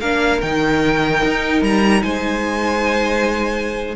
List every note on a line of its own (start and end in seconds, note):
0.00 0.43 A#3
0.00 0.43 D4
0.00 2.03 A#4
0.00 0.41 F5
0.42 1.24 D#3
0.42 3.96 D#4
0.42 1.63 G5
1.25 1.62 D#4
1.62 2.03 G3
1.62 2.03 A#5
2.03 3.96 G#3
2.03 3.96 C5
2.03 3.96 G#5